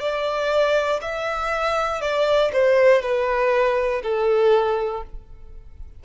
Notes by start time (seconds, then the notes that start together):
0.00 D5
1.02 E5
2.02 D5
2.53 C5
3.02 B4
4.03 A4